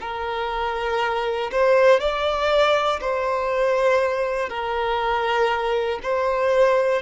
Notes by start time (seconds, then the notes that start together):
0.00 A#4
1.51 C5
2.00 D5
3.00 C5
4.49 A#4
6.02 C5